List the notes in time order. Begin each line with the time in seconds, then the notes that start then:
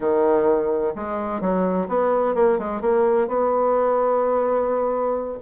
0.00 D#3
0.95 G#3
1.40 F#3
1.88 B3
2.34 A#3
2.58 G#3
2.81 A#3
3.27 B3